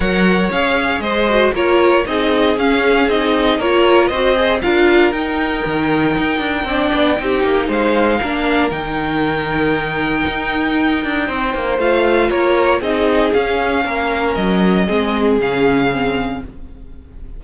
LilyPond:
<<
  \new Staff \with { instrumentName = "violin" } { \time 4/4 \tempo 4 = 117 fis''4 f''4 dis''4 cis''4 | dis''4 f''4 dis''4 cis''4 | dis''4 f''4 g''2~ | g''2. f''4~ |
f''4 g''2.~ | g''2. f''4 | cis''4 dis''4 f''2 | dis''2 f''2 | }
  \new Staff \with { instrumentName = "violin" } { \time 4/4 cis''2 c''4 ais'4 | gis'2. ais'4 | c''4 ais'2.~ | ais'4 d''4 g'4 c''4 |
ais'1~ | ais'2 c''2 | ais'4 gis'2 ais'4~ | ais'4 gis'2. | }
  \new Staff \with { instrumentName = "viola" } { \time 4/4 ais'4 gis'4. fis'8 f'4 | dis'4 cis'4 dis'4 f'4 | fis'8 gis'8 f'4 dis'2~ | dis'4 d'4 dis'2 |
d'4 dis'2.~ | dis'2. f'4~ | f'4 dis'4 cis'2~ | cis'4 c'4 cis'4 c'4 | }
  \new Staff \with { instrumentName = "cello" } { \time 4/4 fis4 cis'4 gis4 ais4 | c'4 cis'4 c'4 ais4 | c'4 d'4 dis'4 dis4 | dis'8 d'8 c'8 b8 c'8 ais8 gis4 |
ais4 dis2. | dis'4. d'8 c'8 ais8 a4 | ais4 c'4 cis'4 ais4 | fis4 gis4 cis2 | }
>>